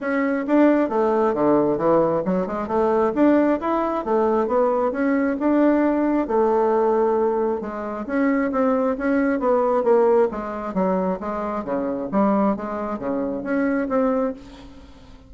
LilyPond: \new Staff \with { instrumentName = "bassoon" } { \time 4/4 \tempo 4 = 134 cis'4 d'4 a4 d4 | e4 fis8 gis8 a4 d'4 | e'4 a4 b4 cis'4 | d'2 a2~ |
a4 gis4 cis'4 c'4 | cis'4 b4 ais4 gis4 | fis4 gis4 cis4 g4 | gis4 cis4 cis'4 c'4 | }